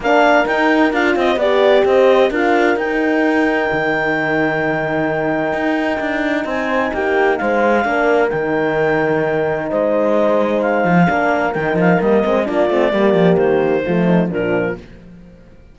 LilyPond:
<<
  \new Staff \with { instrumentName = "clarinet" } { \time 4/4 \tempo 4 = 130 f''4 g''4 f''8 dis''8 d''4 | dis''4 f''4 g''2~ | g''1~ | g''2 gis''4 g''4 |
f''2 g''2~ | g''4 dis''2 f''4~ | f''4 g''8 f''8 dis''4 d''4~ | d''4 c''2 ais'4 | }
  \new Staff \with { instrumentName = "horn" } { \time 4/4 ais'2~ ais'8 c''8 d''4 | c''4 ais'2.~ | ais'1~ | ais'2 c''4 g'4 |
c''4 ais'2.~ | ais'4 c''2. | ais'2. f'4 | g'2 f'8 dis'8 d'4 | }
  \new Staff \with { instrumentName = "horn" } { \time 4/4 d'4 dis'4 f'4 g'4~ | g'4 f'4 dis'2~ | dis'1~ | dis'1~ |
dis'4 d'4 dis'2~ | dis'1 | d'4 dis'4 ais8 c'8 d'8 c'8 | ais2 a4 f4 | }
  \new Staff \with { instrumentName = "cello" } { \time 4/4 ais4 dis'4 d'8 c'8 b4 | c'4 d'4 dis'2 | dis1 | dis'4 d'4 c'4 ais4 |
gis4 ais4 dis2~ | dis4 gis2~ gis8 f8 | ais4 dis8 f8 g8 gis8 ais8 a8 | g8 f8 dis4 f4 ais,4 | }
>>